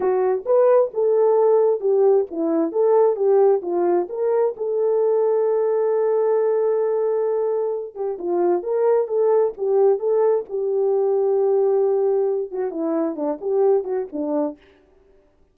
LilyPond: \new Staff \with { instrumentName = "horn" } { \time 4/4 \tempo 4 = 132 fis'4 b'4 a'2 | g'4 e'4 a'4 g'4 | f'4 ais'4 a'2~ | a'1~ |
a'4. g'8 f'4 ais'4 | a'4 g'4 a'4 g'4~ | g'2.~ g'8 fis'8 | e'4 d'8 g'4 fis'8 d'4 | }